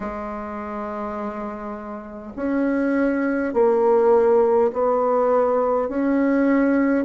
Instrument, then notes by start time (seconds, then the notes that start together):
bassoon
0.00 G#3
2.36 C#4
3.53 A#3
4.72 B3
5.88 C#4